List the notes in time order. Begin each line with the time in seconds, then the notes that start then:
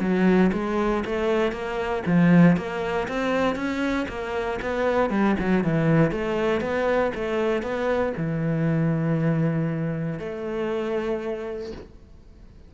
0.00 F#3
0.53 G#3
1.05 A3
1.52 A#3
2.06 F3
2.57 A#3
3.08 C4
3.55 C#4
4.08 A#3
4.61 B3
5.10 G3
5.39 F#3
5.64 E3
6.11 A3
6.61 B3
7.15 A3
7.62 B3
8.17 E3
10.19 A3